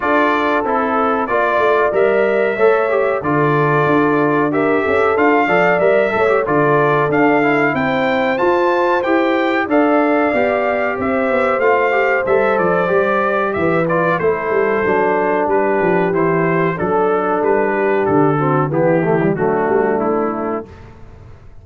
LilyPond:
<<
  \new Staff \with { instrumentName = "trumpet" } { \time 4/4 \tempo 4 = 93 d''4 a'4 d''4 e''4~ | e''4 d''2 e''4 | f''4 e''4 d''4 f''4 | g''4 a''4 g''4 f''4~ |
f''4 e''4 f''4 e''8 d''8~ | d''4 e''8 d''8 c''2 | b'4 c''4 a'4 b'4 | a'4 g'4 fis'4 e'4 | }
  \new Staff \with { instrumentName = "horn" } { \time 4/4 a'2 d''2 | cis''4 a'2 ais'8 a'8~ | a'8 d''4 cis''8 a'2 | c''2. d''4~ |
d''4 c''2.~ | c''4 b'4 a'2 | g'2 a'4. g'8~ | g'8 fis'8 e'4 d'2 | }
  \new Staff \with { instrumentName = "trombone" } { \time 4/4 f'4 e'4 f'4 ais'4 | a'8 g'8 f'2 g'4 | f'8 a'8 ais'8 a'16 g'16 f'4 d'8 e'8~ | e'4 f'4 g'4 a'4 |
g'2 f'8 g'8 a'4 | g'4. f'8 e'4 d'4~ | d'4 e'4 d'2~ | d'8 c'8 b8 a16 g16 a2 | }
  \new Staff \with { instrumentName = "tuba" } { \time 4/4 d'4 c'4 ais8 a8 g4 | a4 d4 d'4. cis'8 | d'8 f8 g8 a8 d4 d'4 | c'4 f'4 e'4 d'4 |
b4 c'8 b8 a4 g8 f8 | g4 e4 a8 g8 fis4 | g8 f8 e4 fis4 g4 | d4 e4 fis8 g8 a4 | }
>>